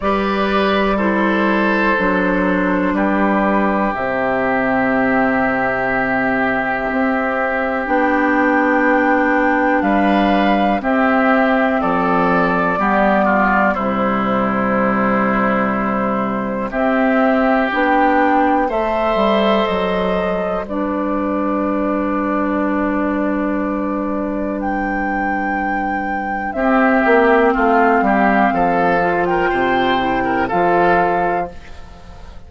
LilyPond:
<<
  \new Staff \with { instrumentName = "flute" } { \time 4/4 \tempo 4 = 61 d''4 c''2 b'4 | e''1 | g''2 f''4 e''4 | d''2 c''2~ |
c''4 e''4 g''4 e''4 | dis''4 d''2.~ | d''4 g''2 e''4 | f''4.~ f''16 g''4~ g''16 f''4 | }
  \new Staff \with { instrumentName = "oboe" } { \time 4/4 b'4 a'2 g'4~ | g'1~ | g'2 b'4 g'4 | a'4 g'8 f'8 e'2~ |
e'4 g'2 c''4~ | c''4 b'2.~ | b'2. g'4 | f'8 g'8 a'8. ais'16 c''8. ais'16 a'4 | }
  \new Staff \with { instrumentName = "clarinet" } { \time 4/4 g'4 e'4 d'2 | c'1 | d'2. c'4~ | c'4 b4 g2~ |
g4 c'4 d'4 a'4~ | a'4 d'2.~ | d'2. c'4~ | c'4. f'4 e'8 f'4 | }
  \new Staff \with { instrumentName = "bassoon" } { \time 4/4 g2 fis4 g4 | c2. c'4 | b2 g4 c'4 | f4 g4 c2~ |
c4 c'4 b4 a8 g8 | fis4 g2.~ | g2. c'8 ais8 | a8 g8 f4 c4 f4 | }
>>